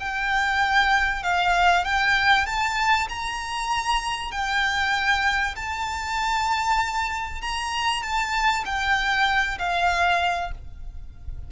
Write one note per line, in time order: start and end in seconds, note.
0.00 1.23 G5
1.23 1.85 F5
1.85 2.46 G5
2.46 3.08 A5
3.09 4.32 A#5
4.32 5.55 G5
5.56 7.41 A5
7.42 8.03 A#5
8.03 8.65 A5
8.65 9.58 G5
9.59 10.52 F5